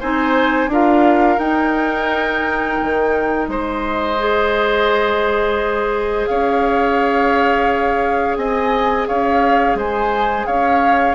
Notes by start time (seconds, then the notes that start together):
0.00 C4 D#4 C5 G#5
0.68 D4 F4 A#4 F5
1.38 D#4 G5
2.82 D#3
3.48 G#3 C5 D#5
4.19 G#4
6.27 C#4 C#5 F5
8.37 C4 D#5 G#5
9.08 C#4 C#5 F5
9.75 G#3 C5 G#5
10.47 C#4 C#5 F5